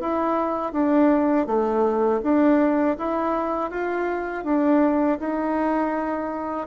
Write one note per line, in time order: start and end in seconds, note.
0.00 0.72 E4
0.72 1.46 D4
1.46 2.21 A3
2.23 2.97 D4
2.98 3.70 E4
3.70 4.44 F4
4.44 5.18 D4
5.19 6.67 D#4